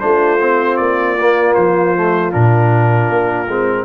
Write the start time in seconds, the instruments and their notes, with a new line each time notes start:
0.00 tuba A3, trombone D4, horn F4, trumpet C5
0.41 trombone C4
0.77 tuba A#3, trumpet D5
1.20 trombone A#3
1.54 tuba F3, trumpet C5
1.96 trombone A3
2.32 tuba A#2, trombone D4, trumpet A#4
3.09 tuba A#3
3.48 tuba G#3, trombone C4